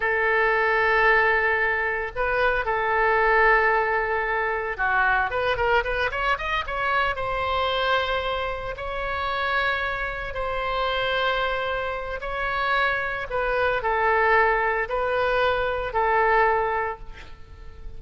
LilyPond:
\new Staff \with { instrumentName = "oboe" } { \time 4/4 \tempo 4 = 113 a'1 | b'4 a'2.~ | a'4 fis'4 b'8 ais'8 b'8 cis''8 | dis''8 cis''4 c''2~ c''8~ |
c''8 cis''2. c''8~ | c''2. cis''4~ | cis''4 b'4 a'2 | b'2 a'2 | }